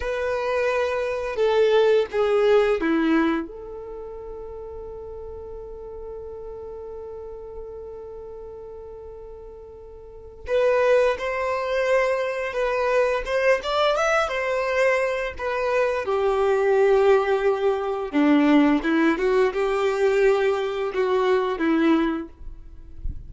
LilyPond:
\new Staff \with { instrumentName = "violin" } { \time 4/4 \tempo 4 = 86 b'2 a'4 gis'4 | e'4 a'2.~ | a'1~ | a'2. b'4 |
c''2 b'4 c''8 d''8 | e''8 c''4. b'4 g'4~ | g'2 d'4 e'8 fis'8 | g'2 fis'4 e'4 | }